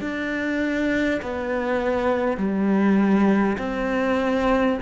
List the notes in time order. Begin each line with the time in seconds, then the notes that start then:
0.00 D4
1.22 B3
2.37 G3
3.57 C4